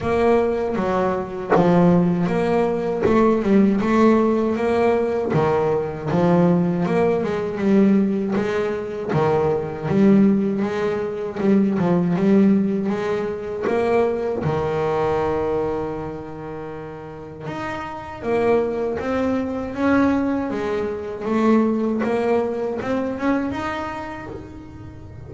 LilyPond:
\new Staff \with { instrumentName = "double bass" } { \time 4/4 \tempo 4 = 79 ais4 fis4 f4 ais4 | a8 g8 a4 ais4 dis4 | f4 ais8 gis8 g4 gis4 | dis4 g4 gis4 g8 f8 |
g4 gis4 ais4 dis4~ | dis2. dis'4 | ais4 c'4 cis'4 gis4 | a4 ais4 c'8 cis'8 dis'4 | }